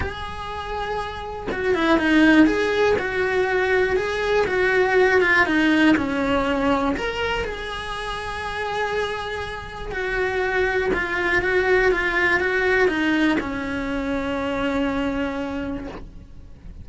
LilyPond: \new Staff \with { instrumentName = "cello" } { \time 4/4 \tempo 4 = 121 gis'2. fis'8 e'8 | dis'4 gis'4 fis'2 | gis'4 fis'4. f'8 dis'4 | cis'2 ais'4 gis'4~ |
gis'1 | fis'2 f'4 fis'4 | f'4 fis'4 dis'4 cis'4~ | cis'1 | }